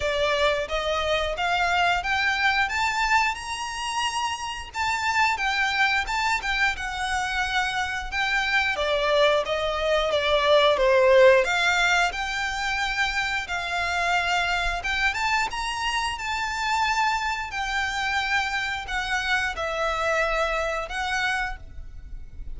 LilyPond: \new Staff \with { instrumentName = "violin" } { \time 4/4 \tempo 4 = 89 d''4 dis''4 f''4 g''4 | a''4 ais''2 a''4 | g''4 a''8 g''8 fis''2 | g''4 d''4 dis''4 d''4 |
c''4 f''4 g''2 | f''2 g''8 a''8 ais''4 | a''2 g''2 | fis''4 e''2 fis''4 | }